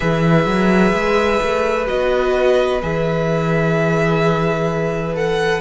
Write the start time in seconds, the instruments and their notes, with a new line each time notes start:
0.00 cello E3, viola G#4, violin B4 E5
0.46 cello F#3
0.93 cello G#3
1.41 cello A3
1.86 cello B3, viola F#4, violin D#5
2.82 cello E3, viola G#4, violin E5
5.14 viola A4, violin F#5